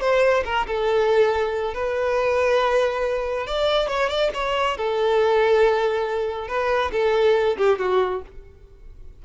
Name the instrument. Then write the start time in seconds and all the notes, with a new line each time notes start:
violin
0.00 C5
0.45 A#4
0.67 A4
1.74 B4
3.46 D5
3.88 C#5
4.09 D5
4.34 C#5
4.77 A4
6.48 B4
6.92 A4
7.57 G4
7.79 F#4